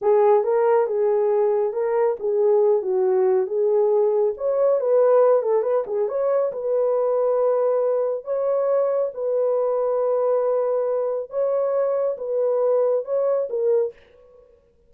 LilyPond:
\new Staff \with { instrumentName = "horn" } { \time 4/4 \tempo 4 = 138 gis'4 ais'4 gis'2 | ais'4 gis'4. fis'4. | gis'2 cis''4 b'4~ | b'8 a'8 b'8 gis'8 cis''4 b'4~ |
b'2. cis''4~ | cis''4 b'2.~ | b'2 cis''2 | b'2 cis''4 ais'4 | }